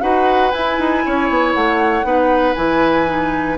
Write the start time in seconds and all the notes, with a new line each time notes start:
0.00 D#4 F#4 B4 F#5
0.51 E4 G#5
0.78 D#4
1.05 C#4 C#5
1.29 B3
1.53 A3 F#5
2.03 B3 D#4 B4
2.54 E3 E4 G#5
3.05 D#4